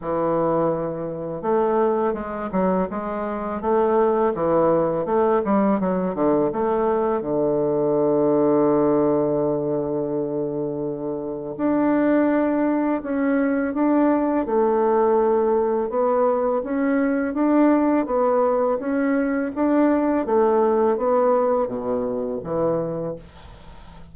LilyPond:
\new Staff \with { instrumentName = "bassoon" } { \time 4/4 \tempo 4 = 83 e2 a4 gis8 fis8 | gis4 a4 e4 a8 g8 | fis8 d8 a4 d2~ | d1 |
d'2 cis'4 d'4 | a2 b4 cis'4 | d'4 b4 cis'4 d'4 | a4 b4 b,4 e4 | }